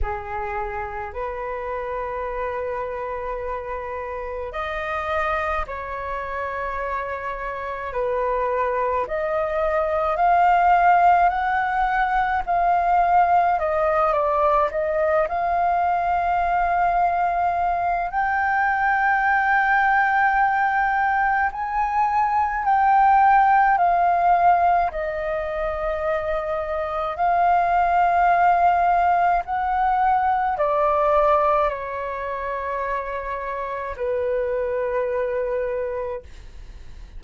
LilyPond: \new Staff \with { instrumentName = "flute" } { \time 4/4 \tempo 4 = 53 gis'4 b'2. | dis''4 cis''2 b'4 | dis''4 f''4 fis''4 f''4 | dis''8 d''8 dis''8 f''2~ f''8 |
g''2. gis''4 | g''4 f''4 dis''2 | f''2 fis''4 d''4 | cis''2 b'2 | }